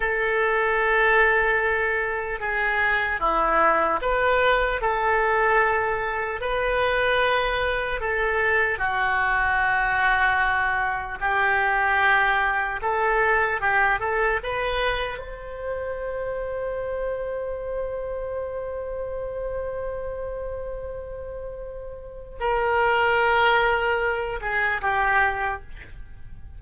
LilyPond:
\new Staff \with { instrumentName = "oboe" } { \time 4/4 \tempo 4 = 75 a'2. gis'4 | e'4 b'4 a'2 | b'2 a'4 fis'4~ | fis'2 g'2 |
a'4 g'8 a'8 b'4 c''4~ | c''1~ | c''1 | ais'2~ ais'8 gis'8 g'4 | }